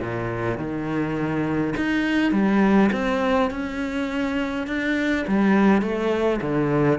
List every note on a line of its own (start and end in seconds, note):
0.00 0.57 A#2
0.57 1.74 D#3
1.76 2.32 D#4
2.32 2.90 G3
2.92 3.50 C4
3.50 4.67 C#4
4.67 5.25 D4
5.27 5.81 G3
5.81 6.40 A3
6.41 6.99 D3